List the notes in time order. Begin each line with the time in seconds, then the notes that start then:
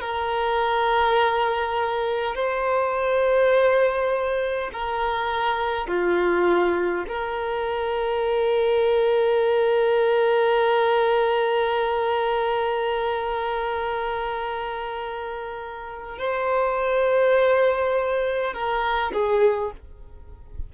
0.00 A#4
2.35 C5
4.73 A#4
5.87 F4
7.07 A#4
16.18 C5
18.53 A#4
19.12 G#4